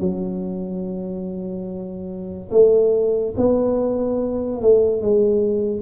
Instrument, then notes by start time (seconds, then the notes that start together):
tuba
0.00 F#3
2.51 A3
3.36 B3
4.61 A3
5.01 G#3